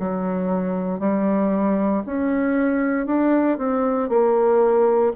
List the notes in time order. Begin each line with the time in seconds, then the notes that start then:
0.00 F#3
1.00 G3
2.06 C#4
3.07 D4
3.58 C4
4.10 A#3